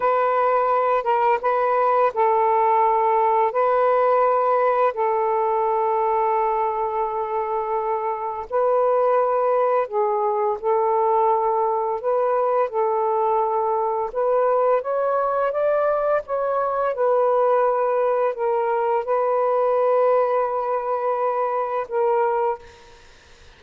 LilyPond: \new Staff \with { instrumentName = "saxophone" } { \time 4/4 \tempo 4 = 85 b'4. ais'8 b'4 a'4~ | a'4 b'2 a'4~ | a'1 | b'2 gis'4 a'4~ |
a'4 b'4 a'2 | b'4 cis''4 d''4 cis''4 | b'2 ais'4 b'4~ | b'2. ais'4 | }